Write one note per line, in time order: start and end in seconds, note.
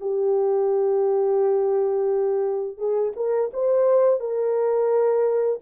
0.00 2.77 G4
2.77 3.12 G#4
3.16 3.51 A#4
3.53 4.20 C5
4.20 5.59 A#4